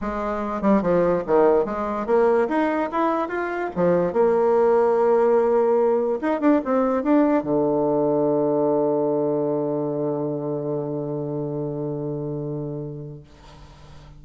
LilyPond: \new Staff \with { instrumentName = "bassoon" } { \time 4/4 \tempo 4 = 145 gis4. g8 f4 dis4 | gis4 ais4 dis'4 e'4 | f'4 f4 ais2~ | ais2. dis'8 d'8 |
c'4 d'4 d2~ | d1~ | d1~ | d1 | }